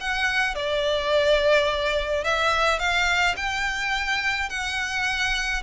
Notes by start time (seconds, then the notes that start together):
0.00 F#5
0.55 D5
2.24 E5
2.79 F5
3.36 G5
4.49 F#5